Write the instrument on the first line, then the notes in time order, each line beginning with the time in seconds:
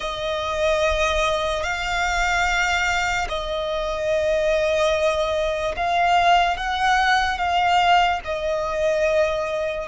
violin
0.00 D#5
1.63 F5
3.28 D#5
5.76 F5
6.56 F#5
7.37 F5
8.24 D#5